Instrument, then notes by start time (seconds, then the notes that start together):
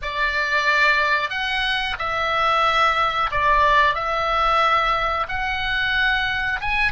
oboe
0.02 D5
1.30 F#5
1.98 E5
3.31 D5
3.94 E5
5.28 F#5
6.61 G#5